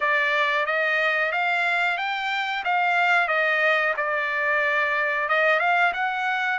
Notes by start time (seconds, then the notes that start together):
0.00 D5
0.66 D#5
1.32 F5
1.98 G5
2.64 F5
3.28 D#5
3.97 D5
5.28 D#5
5.59 F5
5.93 F#5